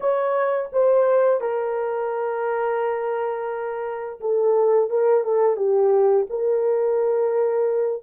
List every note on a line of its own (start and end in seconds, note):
0.00 0.69 C#5
0.72 1.40 C5
1.40 4.20 A#4
4.20 4.90 A4
4.90 5.24 A#4
5.24 5.56 A4
5.56 6.26 G4
6.29 8.02 A#4